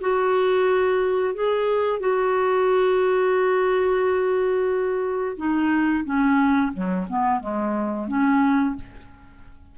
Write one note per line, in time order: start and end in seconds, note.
0.00 1.34 F#4
1.34 1.99 G#4
1.99 5.36 F#4
5.37 6.04 D#4
6.04 6.72 C#4
6.73 7.06 F#3
7.09 7.40 B3
7.40 8.07 G#3
8.07 8.75 C#4